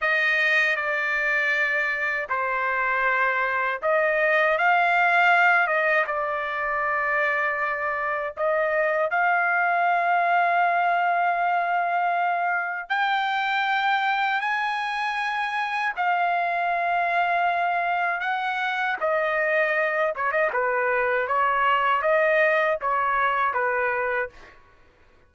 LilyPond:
\new Staff \with { instrumentName = "trumpet" } { \time 4/4 \tempo 4 = 79 dis''4 d''2 c''4~ | c''4 dis''4 f''4. dis''8 | d''2. dis''4 | f''1~ |
f''4 g''2 gis''4~ | gis''4 f''2. | fis''4 dis''4. cis''16 dis''16 b'4 | cis''4 dis''4 cis''4 b'4 | }